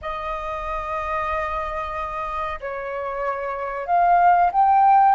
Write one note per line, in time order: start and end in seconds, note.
0.01 2.59 D#5
2.60 3.86 C#5
3.86 4.50 F5
4.52 5.14 G5